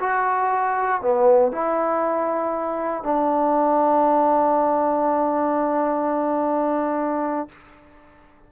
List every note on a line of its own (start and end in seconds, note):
0.00 1.02 F#4
1.02 1.52 B3
1.52 3.04 E4
3.04 7.49 D4